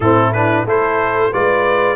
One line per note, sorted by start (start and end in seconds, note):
0.00 0.65 A2
0.00 0.34 C4
0.00 0.66 E4
0.00 0.32 A4
0.33 0.66 D4
0.33 0.66 B4
0.65 1.31 A3
0.65 1.32 E4
0.65 1.31 A4
0.65 1.33 C5
1.32 1.96 G#3
1.32 1.96 F4
1.32 1.96 B4
1.32 1.96 D5